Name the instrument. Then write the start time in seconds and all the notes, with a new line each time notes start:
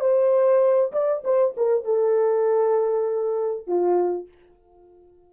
horn
0.00 C5
0.92 D5
1.24 C5
1.57 A#4
1.85 A4
3.67 F4